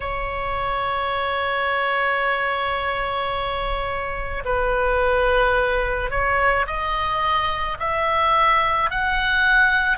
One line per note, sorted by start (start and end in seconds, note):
0.00 4.43 C#5
4.44 6.10 B4
6.10 6.66 C#5
6.66 7.77 D#5
7.79 8.90 E5
8.90 9.97 F#5